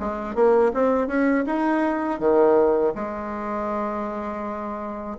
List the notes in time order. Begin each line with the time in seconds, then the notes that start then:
0.00 G#3
0.35 A#3
0.74 C4
1.08 C#4
1.46 D#4
2.20 D#3
2.95 G#3